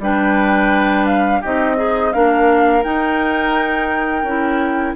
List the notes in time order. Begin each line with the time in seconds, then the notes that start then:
0.00 G3 D4 B4 G5
1.07 F5
1.41 C4 D#4 G4 D#5
1.77 D#4 G#4
2.13 A#3 D4 A#4 F5
2.84 D#4 G5
4.23 C#4 E4